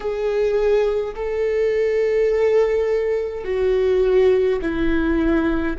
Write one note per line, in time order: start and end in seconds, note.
0.00 1.14 G#4
1.15 3.44 A4
3.44 4.59 F#4
4.61 5.76 E4